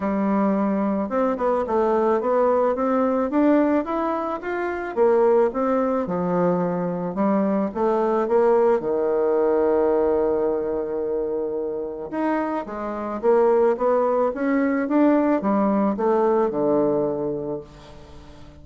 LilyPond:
\new Staff \with { instrumentName = "bassoon" } { \time 4/4 \tempo 4 = 109 g2 c'8 b8 a4 | b4 c'4 d'4 e'4 | f'4 ais4 c'4 f4~ | f4 g4 a4 ais4 |
dis1~ | dis2 dis'4 gis4 | ais4 b4 cis'4 d'4 | g4 a4 d2 | }